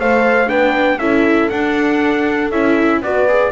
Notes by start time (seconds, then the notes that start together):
0.00 A3 A4 C5 F5
0.48 B3 D4 B4 G5
0.99 C#4 E4 A4 E5
1.50 D4 F#5
2.52 C#4 E4 E5
3.01 B3 F#4 B4 D5
3.29 G#4